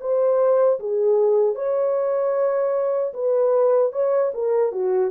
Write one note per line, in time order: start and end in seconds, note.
0.00 0.79 C5
0.80 1.55 G#4
1.55 3.13 C#5
3.13 3.92 B4
3.92 4.32 C#5
4.34 4.72 A#4
4.72 5.11 F#4